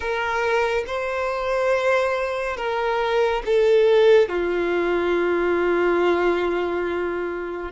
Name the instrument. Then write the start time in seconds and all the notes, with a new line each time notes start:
violin
0.00 A#4
0.86 C5
2.56 A#4
3.45 A4
4.29 F4